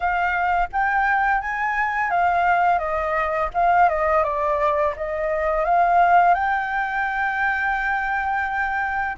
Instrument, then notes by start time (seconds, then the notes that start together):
flute
0.00 F5
0.72 G5
1.41 G#5
2.10 F5
2.78 D#5
3.54 F5
3.89 D#5
4.24 D5
4.96 D#5
5.64 F5
6.34 G5